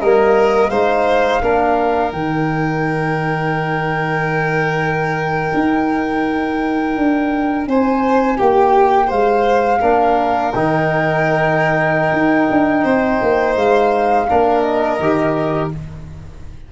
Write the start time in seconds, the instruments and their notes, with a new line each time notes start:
0.00 tuba G3, trombone A#3, violin A#4, flute D#5
0.69 tuba G#3, trombone D#4, violin C5, flute F5
1.41 tuba A#3, trombone D4, violin A#4
2.12 tuba D#3, trombone D#4, flute G5
5.54 tuba D#4
6.96 tuba D4
7.66 tuba C4, violin C5, flute G#5
8.37 tuba A#3, violin G4, flute G5
9.07 tuba G#3, violin C5, flute F5
9.80 tuba A#3, trombone D4, violin A#4
10.51 tuba D#3, trombone D#4, flute G5
12.12 tuba D#4
12.50 tuba D4
12.83 tuba C4, violin C5
13.21 tuba A#3
13.55 tuba G#3, flute F5
14.28 tuba A#3, trombone D4, violin A#4
14.61 flute D#5
14.99 tuba D#3, trombone G4